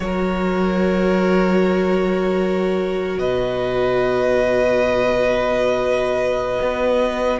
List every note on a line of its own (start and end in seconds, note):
0.00 3.18 F#3
0.00 7.40 F#4
0.00 3.19 A#4
0.00 3.18 C#5
3.18 6.58 B2
3.18 7.39 B4
3.18 7.38 D#5
6.61 7.40 B3